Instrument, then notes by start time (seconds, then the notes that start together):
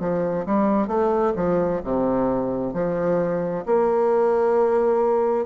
bassoon
0.00 F3
0.46 G3
0.88 A3
1.36 F3
1.84 C3
2.74 F3
3.66 A#3